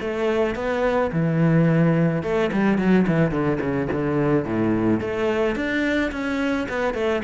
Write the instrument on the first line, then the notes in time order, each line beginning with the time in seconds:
cello
0.00 A3
0.55 B3
1.12 E3
2.22 A3
2.52 G3
2.78 F#3
3.07 E3
3.31 D3
3.60 C#3
3.92 D3
4.44 A2
5.00 A3
5.55 D4
6.11 C#4
6.68 B3
6.94 A3